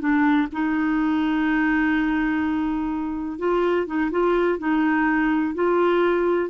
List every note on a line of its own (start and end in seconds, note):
0.00 0.48 D4
0.52 3.38 D#4
3.38 3.86 F4
3.87 4.11 D#4
4.11 4.59 F4
4.59 5.55 D#4
5.55 6.50 F4